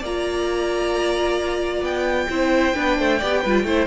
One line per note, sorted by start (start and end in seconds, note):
0.00 1.81 A#3
0.00 2.30 F4
0.00 2.27 D5
0.00 1.84 A#5
1.81 2.27 B3
1.81 3.87 G5
2.29 2.75 C4
2.29 2.75 E4
2.29 2.75 C5
2.75 2.99 B3
2.75 3.20 D4
2.75 2.98 B4
2.98 3.21 A3
2.98 3.18 C5
3.18 3.45 B3
3.18 3.44 G4
3.18 3.41 D5
3.41 3.64 G3
3.41 3.67 F4
3.41 3.63 B4
3.64 3.87 A3
3.64 3.87 E4
3.64 3.87 C5